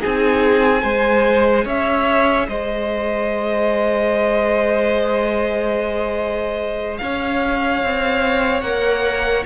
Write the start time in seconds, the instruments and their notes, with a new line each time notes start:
0.00 cello C4, viola D#4, violin G#4 G#5
0.80 cello G#3, viola G#4, violin C5
1.64 cello C#4, violin C#5 E5
2.48 cello G#3, violin C5 D#5
6.98 cello C#4, violin C#5 F5
7.83 cello C4
8.61 cello A#3, viola A#4, violin F#5